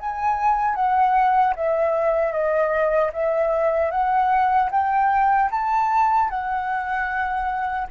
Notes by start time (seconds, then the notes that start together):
0.00 G#5
0.75 F#5
1.56 E5
2.32 D#5
3.13 E5
3.91 F#5
4.71 G5
5.51 A5
6.30 F#5